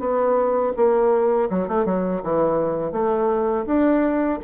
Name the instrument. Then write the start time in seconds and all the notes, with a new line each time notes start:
bassoon
0.00 B3
0.76 A#3
1.50 F#3
1.68 A3
1.86 F#3
2.24 E3
2.92 A3
3.66 D4